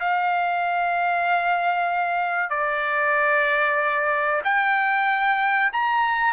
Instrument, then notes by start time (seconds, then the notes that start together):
trumpet
0.00 F5
2.50 D5
4.44 G5
5.73 A#5